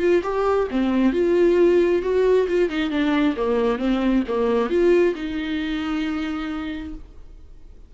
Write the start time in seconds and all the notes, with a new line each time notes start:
0.00 F4
0.23 G4
0.71 C4
1.13 F4
2.03 F#4
2.49 F4
2.70 D#4
2.91 D4
3.37 A#3
3.79 C4
4.28 A#3
4.70 F4
5.16 D#4